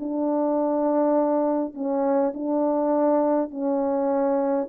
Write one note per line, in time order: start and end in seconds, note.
0.00 1.74 D4
1.74 2.33 C#4
2.34 3.51 D4
3.51 4.68 C#4